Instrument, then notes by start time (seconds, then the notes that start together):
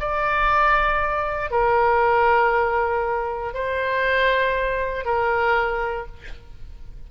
oboe
0.00 D5
1.51 A#4
3.54 C5
5.05 A#4